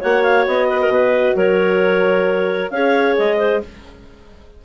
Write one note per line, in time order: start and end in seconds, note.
0.00 0.47 A#3
0.00 2.72 F#4
0.00 0.68 C#5
0.00 0.23 F#5
0.23 0.45 F5
0.47 0.88 B3
0.47 1.36 D#5
0.69 0.80 B4
0.81 0.92 A#4
0.88 1.33 B2
0.88 1.36 B4
1.36 2.71 F#3
1.36 2.72 A#4
1.36 2.70 C#5
2.70 3.16 C#4
2.70 3.65 G#4
2.70 3.38 C#5
2.70 3.16 F5
3.17 3.64 G#3
3.17 3.63 D#5
3.38 3.60 C5